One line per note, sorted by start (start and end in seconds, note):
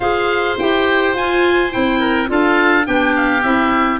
0.00 0.57 F4
0.00 0.58 G#4
0.00 1.99 C5
0.00 0.57 F5
0.59 1.14 E4
0.59 1.16 G4
0.59 1.16 G5
1.14 1.71 F4
1.14 1.72 G#5
1.71 2.29 C4
1.71 2.26 E4
1.71 2.29 G5
1.99 2.28 A#4
2.26 2.86 D4
2.26 2.83 F4
2.26 2.87 A4
2.26 2.86 F5
2.84 3.43 B3
2.84 3.41 D4
2.84 3.99 G4
2.84 3.15 G5
3.16 3.42 F5
3.42 3.99 C4
3.42 3.99 E4
3.42 3.99 E5